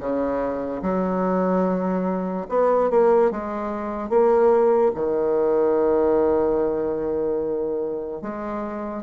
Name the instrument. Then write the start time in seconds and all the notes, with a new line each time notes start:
bassoon
0.00 C#3
0.82 F#3
2.49 B3
2.90 A#3
3.31 G#3
4.09 A#3
4.95 D#3
8.22 G#3